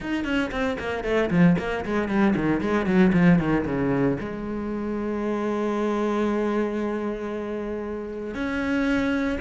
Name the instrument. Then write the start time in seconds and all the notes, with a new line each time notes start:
cello
0.00 D#4
0.24 C#4
0.51 C4
0.78 A#3
1.04 A3
1.30 F3
1.58 A#3
1.85 G#3
2.08 G3
2.35 D#3
2.61 G#3
2.86 F#3
3.12 F3
3.38 D#3
3.65 C#3
4.20 G#3
8.34 C#4